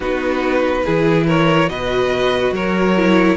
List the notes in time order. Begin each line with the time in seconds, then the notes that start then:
0.00 B3 D#4 F#4 B4
0.84 E3 E4 G#4
1.27 A#4 C#5
1.66 B2 F#4 B4 D#5
2.51 F#3 A#4 C#5
2.96 E4